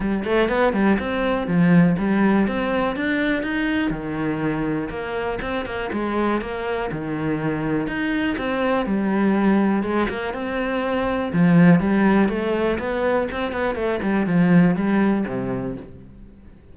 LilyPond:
\new Staff \with { instrumentName = "cello" } { \time 4/4 \tempo 4 = 122 g8 a8 b8 g8 c'4 f4 | g4 c'4 d'4 dis'4 | dis2 ais4 c'8 ais8 | gis4 ais4 dis2 |
dis'4 c'4 g2 | gis8 ais8 c'2 f4 | g4 a4 b4 c'8 b8 | a8 g8 f4 g4 c4 | }